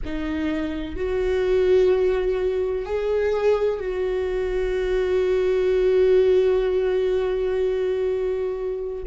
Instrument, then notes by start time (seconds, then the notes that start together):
viola
0.05 D#4
0.95 F#4
2.85 G#4
3.79 F#4